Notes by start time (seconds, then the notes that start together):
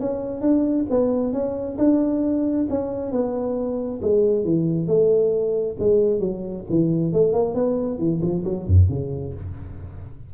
0.00 C#4
0.41 D4
0.90 B3
1.33 C#4
1.78 D4
2.69 C#4
3.12 B3
4.02 G#3
4.45 E3
4.87 A3
5.79 G#3
6.20 F#3
6.70 E3
7.13 A3
7.33 A#3
7.55 B3
7.99 E3
8.22 F3
8.45 F#3
8.67 F#2
8.89 C#3